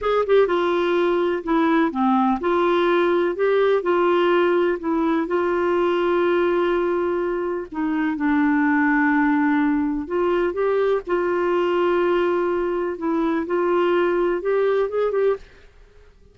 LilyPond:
\new Staff \with { instrumentName = "clarinet" } { \time 4/4 \tempo 4 = 125 gis'8 g'8 f'2 e'4 | c'4 f'2 g'4 | f'2 e'4 f'4~ | f'1 |
dis'4 d'2.~ | d'4 f'4 g'4 f'4~ | f'2. e'4 | f'2 g'4 gis'8 g'8 | }